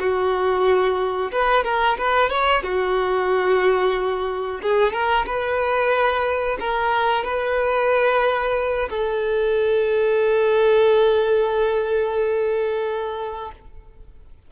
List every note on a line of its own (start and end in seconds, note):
0.00 1.32 F#4
1.32 1.65 B4
1.65 1.98 A#4
1.98 2.30 B4
2.30 2.63 C#5
2.63 4.61 F#4
4.63 4.93 G#4
4.93 5.26 A#4
5.26 6.58 B4
6.60 7.24 A#4
7.24 8.89 B4
8.90 13.52 A4